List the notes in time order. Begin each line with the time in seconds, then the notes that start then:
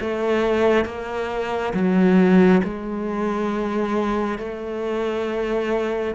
0.00 A3
0.85 A#3
1.73 F#3
2.63 G#3
4.38 A3